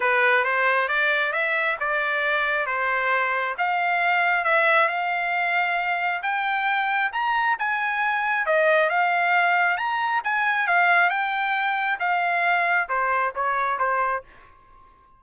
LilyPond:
\new Staff \with { instrumentName = "trumpet" } { \time 4/4 \tempo 4 = 135 b'4 c''4 d''4 e''4 | d''2 c''2 | f''2 e''4 f''4~ | f''2 g''2 |
ais''4 gis''2 dis''4 | f''2 ais''4 gis''4 | f''4 g''2 f''4~ | f''4 c''4 cis''4 c''4 | }